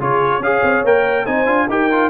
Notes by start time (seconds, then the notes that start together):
0.00 C#3 F4 G#4 C#5
0.40 C#4 G#4 C#5 F5
0.63 C4
0.84 A#3 A#4 G5
1.25 C4 D#4 C5 G#5
1.47 D4 F4
1.69 D#4 G4 A#4 G5
1.92 F4